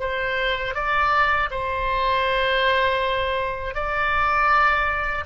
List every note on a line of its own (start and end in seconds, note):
0.00 0.75 C5
0.75 1.50 D5
1.51 3.75 C5
3.75 5.25 D5